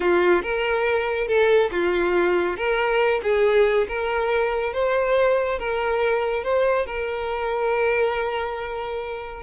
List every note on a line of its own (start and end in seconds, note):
0.00 0.42 F4
0.42 1.27 A#4
1.27 1.70 A4
1.71 2.56 F4
2.56 3.20 A#4
3.23 3.87 G#4
3.88 4.73 A#4
4.73 5.58 C5
5.58 6.43 A#4
6.43 6.86 C5
6.86 9.42 A#4